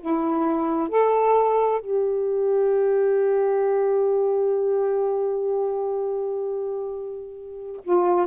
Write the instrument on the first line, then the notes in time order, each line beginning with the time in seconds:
saxophone
0.00 E4
0.89 A4
1.80 G4
7.83 F4